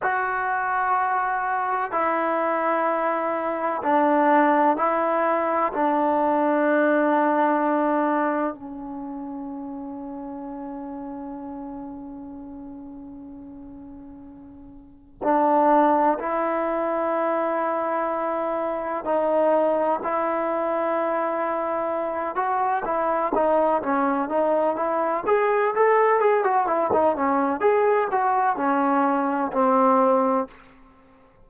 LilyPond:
\new Staff \with { instrumentName = "trombone" } { \time 4/4 \tempo 4 = 63 fis'2 e'2 | d'4 e'4 d'2~ | d'4 cis'2.~ | cis'1 |
d'4 e'2. | dis'4 e'2~ e'8 fis'8 | e'8 dis'8 cis'8 dis'8 e'8 gis'8 a'8 gis'16 fis'16 | e'16 dis'16 cis'8 gis'8 fis'8 cis'4 c'4 | }